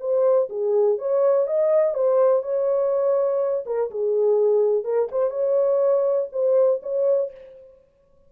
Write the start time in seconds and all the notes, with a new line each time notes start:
0.00 C5
0.50 G#4
0.98 C#5
1.47 D#5
1.94 C5
2.43 C#5
3.66 A#4
3.91 G#4
4.84 A#4
5.12 C5
5.31 C#5
6.32 C5
6.83 C#5